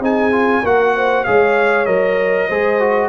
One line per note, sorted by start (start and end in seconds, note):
0.00 0.62 C4
0.00 0.31 D#4
0.00 0.63 G#4
0.00 0.66 G#5
0.31 0.62 F4
0.63 1.26 A#3
0.63 1.26 F#4
0.63 0.94 A#4
0.63 1.24 F#5
0.95 1.26 C5
1.24 1.87 G#3
1.24 1.86 G#4
1.24 2.48 C#5
1.24 1.85 F5
1.85 2.49 F#3
1.85 2.48 A#4
1.85 3.09 D#5
2.48 3.09 G#3
2.48 2.80 G#4
2.48 3.09 C5
2.80 3.09 F#4